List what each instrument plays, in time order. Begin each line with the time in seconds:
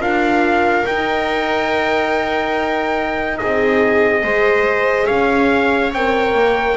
0.00 double bass D4, horn F4, viola A#4, trumpet F5
0.86 horn D#4, double bass D#4, trumpet G5
3.38 double bass C4, viola G#4, trumpet D#5
4.23 double bass G#3, horn G#4, viola C5
5.07 double bass C#4, viola C#5, trumpet F5
5.93 double bass C4, horn A#4, trumpet G5
6.34 double bass A#3